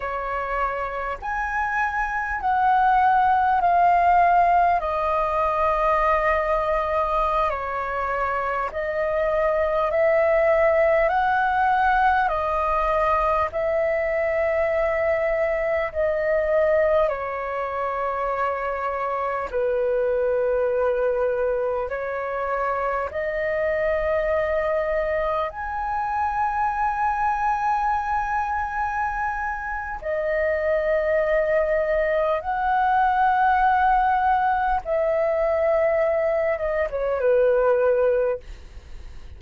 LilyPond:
\new Staff \with { instrumentName = "flute" } { \time 4/4 \tempo 4 = 50 cis''4 gis''4 fis''4 f''4 | dis''2~ dis''16 cis''4 dis''8.~ | dis''16 e''4 fis''4 dis''4 e''8.~ | e''4~ e''16 dis''4 cis''4.~ cis''16~ |
cis''16 b'2 cis''4 dis''8.~ | dis''4~ dis''16 gis''2~ gis''8.~ | gis''4 dis''2 fis''4~ | fis''4 e''4. dis''16 cis''16 b'4 | }